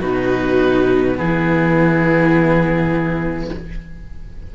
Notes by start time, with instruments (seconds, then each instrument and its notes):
0.00 cello B2 D#4, viola F#4, oboe B4
1.15 cello E3 B3, viola E4, oboe G#4